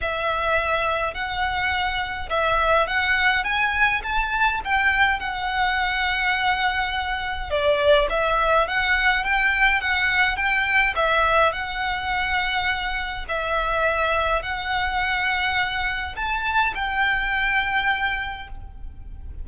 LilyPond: \new Staff \with { instrumentName = "violin" } { \time 4/4 \tempo 4 = 104 e''2 fis''2 | e''4 fis''4 gis''4 a''4 | g''4 fis''2.~ | fis''4 d''4 e''4 fis''4 |
g''4 fis''4 g''4 e''4 | fis''2. e''4~ | e''4 fis''2. | a''4 g''2. | }